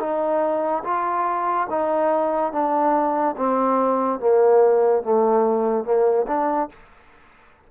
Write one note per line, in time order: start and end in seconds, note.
0.00 0.83 D#4
0.84 1.67 F4
1.70 2.53 D#4
2.53 3.36 D4
3.37 4.20 C4
4.20 5.03 A#3
5.03 5.85 A3
5.85 6.27 A#3
6.28 6.69 D4